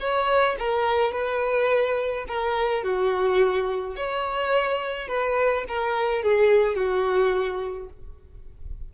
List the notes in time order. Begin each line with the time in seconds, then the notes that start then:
0.00 C#5
0.59 A#4
1.12 B4
2.28 A#4
2.84 F#4
3.97 C#5
5.08 B4
5.68 A#4
6.23 G#4
6.76 F#4